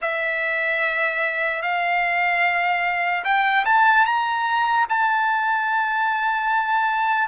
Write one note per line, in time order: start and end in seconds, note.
0.01 1.61 E5
1.61 3.24 F5
3.24 3.64 G5
3.65 4.05 A5
4.05 4.86 A#5
4.89 7.28 A5